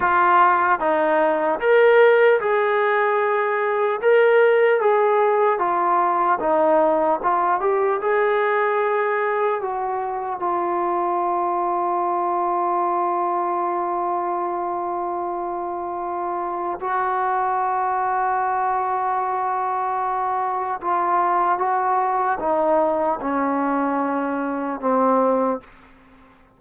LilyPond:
\new Staff \with { instrumentName = "trombone" } { \time 4/4 \tempo 4 = 75 f'4 dis'4 ais'4 gis'4~ | gis'4 ais'4 gis'4 f'4 | dis'4 f'8 g'8 gis'2 | fis'4 f'2.~ |
f'1~ | f'4 fis'2.~ | fis'2 f'4 fis'4 | dis'4 cis'2 c'4 | }